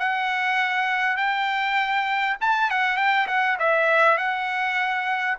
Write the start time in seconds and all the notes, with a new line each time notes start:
0.00 F#5
1.17 G5
2.41 A5
2.71 F#5
2.97 G5
3.28 F#5
3.59 E5
4.18 F#5